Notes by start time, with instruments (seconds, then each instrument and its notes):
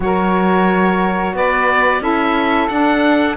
0.00 cello F#3, saxophone F#4 A#4, oboe C#5
1.33 cello B3, saxophone B4, oboe D5
2.00 cello C#4, saxophone E4 A4, oboe E5
2.67 cello D4, saxophone D4, oboe F#5